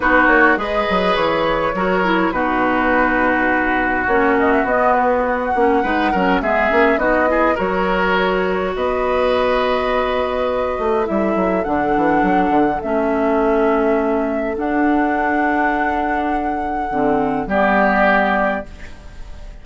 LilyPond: <<
  \new Staff \with { instrumentName = "flute" } { \time 4/4 \tempo 4 = 103 b'8 cis''8 dis''4 cis''2 | b'2. cis''8 dis''16 e''16 | dis''8 b'8 fis''2 e''4 | dis''4 cis''2 dis''4~ |
dis''2. e''4 | fis''2 e''2~ | e''4 fis''2.~ | fis''2 d''2 | }
  \new Staff \with { instrumentName = "oboe" } { \time 4/4 fis'4 b'2 ais'4 | fis'1~ | fis'2 b'8 ais'8 gis'4 | fis'8 gis'8 ais'2 b'4~ |
b'2. a'4~ | a'1~ | a'1~ | a'2 g'2 | }
  \new Staff \with { instrumentName = "clarinet" } { \time 4/4 dis'4 gis'2 fis'8 e'8 | dis'2. cis'4 | b4. cis'8 dis'8 cis'8 b8 cis'8 | dis'8 e'8 fis'2.~ |
fis'2. e'4 | d'2 cis'2~ | cis'4 d'2.~ | d'4 c'4 b2 | }
  \new Staff \with { instrumentName = "bassoon" } { \time 4/4 b8 ais8 gis8 fis8 e4 fis4 | b,2. ais4 | b4. ais8 gis8 fis8 gis8 ais8 | b4 fis2 b4~ |
b2~ b8 a8 g8 fis8 | d8 e8 fis8 d8 a2~ | a4 d'2.~ | d'4 d4 g2 | }
>>